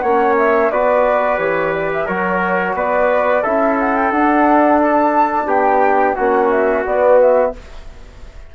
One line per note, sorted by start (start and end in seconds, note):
0.00 0.71 A#3
0.00 0.73 C#4
0.00 0.71 C#5
0.00 0.34 F#5
0.38 0.71 E5
0.71 1.38 B3
0.71 1.39 F#4
0.71 2.07 B4
0.71 1.39 D5
1.38 2.07 E3
1.38 2.07 G4
1.38 1.73 C#5
1.73 1.90 D5
1.93 2.08 E5
2.07 2.75 F#3
2.07 3.44 F#4
2.07 2.75 A#4
2.07 2.76 C#5
2.75 3.43 B3
2.75 3.43 B4
2.75 3.44 D5
3.43 4.11 C#4
3.43 4.13 E4
3.43 5.48 A4
3.43 3.78 E5
3.80 3.97 F#5
3.97 4.12 G5
4.11 5.46 D4
4.11 6.18 D4
4.11 4.80 F#5
4.84 5.49 A5
5.46 6.14 B3
5.46 6.16 G4
5.46 6.15 G5
6.15 6.86 A#3
6.15 6.86 C#4
6.15 7.52 F#4
6.15 6.50 F#5
6.51 6.85 E5
6.86 7.54 B3
6.86 7.21 D5
7.21 7.56 E5